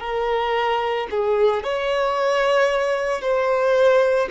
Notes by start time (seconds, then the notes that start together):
0.00 A#4
1.11 G#4
1.64 C#5
3.21 C5